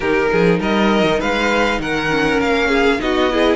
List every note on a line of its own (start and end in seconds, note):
0.00 0.28 D#3
0.00 2.10 D#4
0.00 0.30 G4
0.00 0.60 A#4
0.31 0.59 F3
0.31 0.59 G#4
0.59 1.03 G3
0.59 1.19 A#4
0.59 1.21 D#5
1.03 1.18 D#3
1.19 1.78 G#3
1.19 1.79 B4
1.19 1.80 F5
1.78 2.38 D#3
1.78 2.68 A#4
1.78 2.40 F#5
2.10 2.99 C#4
2.40 3.00 A#3
2.40 3.00 F5
2.68 2.98 G#4
2.99 3.56 B3
2.99 3.29 D#4
2.99 3.32 F#4
2.99 3.56 D#5
3.31 3.56 E4
3.31 3.56 G#4